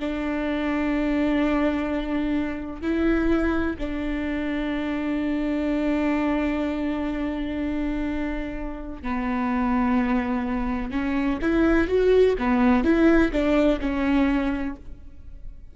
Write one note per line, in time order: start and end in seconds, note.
0.00 2.82 D4
2.82 3.77 E4
3.79 9.03 D4
9.03 10.91 B3
10.91 11.39 C#4
11.42 11.88 E4
11.88 12.36 F#4
12.39 12.84 B3
12.84 13.32 E4
13.32 13.80 D4
13.81 14.76 C#4